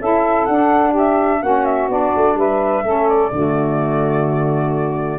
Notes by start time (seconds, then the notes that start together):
0.00 C#4 E4 A4 E5
0.45 D4 F#5
0.91 G4
0.98 E5
1.40 A#3 C#4 F#4 F#5
1.65 E5
1.88 B3 D4 D5
2.16 A3
2.35 G3 B4 E5
2.84 A3 C#4 A4
3.08 D5
3.31 D3 A3 F#4